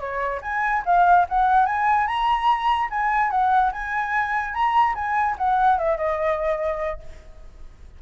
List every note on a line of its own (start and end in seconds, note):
0.00 0.41 C#5
0.42 0.83 G#5
0.86 1.27 F5
1.29 1.66 F#5
1.66 2.07 G#5
2.07 2.90 A#5
2.90 3.31 G#5
3.31 3.72 F#5
3.73 4.54 G#5
4.54 4.95 A#5
4.95 5.36 G#5
5.38 5.79 F#5
5.79 5.97 E5
5.97 7.00 D#5